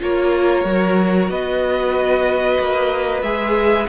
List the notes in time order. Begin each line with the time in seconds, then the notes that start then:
0.00 A#3 F4 A#4 C#5
0.64 F#3 F#4
1.29 B3 B4 D#5
2.59 A#3
3.22 G#3 G#4 E5